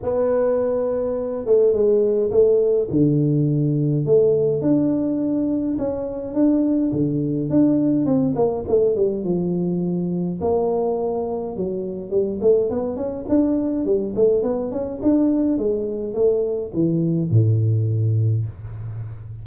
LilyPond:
\new Staff \with { instrumentName = "tuba" } { \time 4/4 \tempo 4 = 104 b2~ b8 a8 gis4 | a4 d2 a4 | d'2 cis'4 d'4 | d4 d'4 c'8 ais8 a8 g8 |
f2 ais2 | fis4 g8 a8 b8 cis'8 d'4 | g8 a8 b8 cis'8 d'4 gis4 | a4 e4 a,2 | }